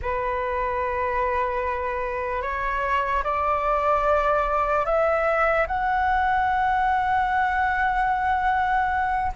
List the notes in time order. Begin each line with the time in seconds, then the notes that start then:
0.02 B4
2.41 C#5
3.23 D5
4.85 E5
5.67 F#5